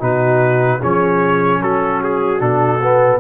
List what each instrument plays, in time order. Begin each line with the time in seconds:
0.00 tuba B2, trombone D#4, horn F#4, trumpet B4
0.79 tuba F3, trombone C#4, horn G#4, trumpet C#5
1.62 tuba F#3, horn F#4, trumpet A4
2.04 trumpet G#4
2.39 tuba B2, trombone D4, trumpet A4
2.82 trombone B3